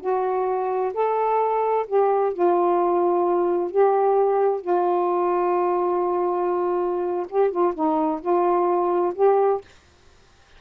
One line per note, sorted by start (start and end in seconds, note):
0.00 0.92 F#4
0.93 1.85 A4
1.87 2.33 G4
2.33 3.70 F4
3.70 4.61 G4
4.61 7.26 F4
7.29 7.50 G4
7.50 7.73 F4
7.74 8.20 D#4
8.21 9.13 F4
9.15 9.61 G4